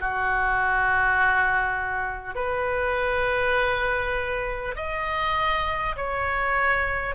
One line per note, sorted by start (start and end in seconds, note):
0.00 2.35 F#4
2.35 4.75 B4
4.76 5.96 D#5
5.96 7.15 C#5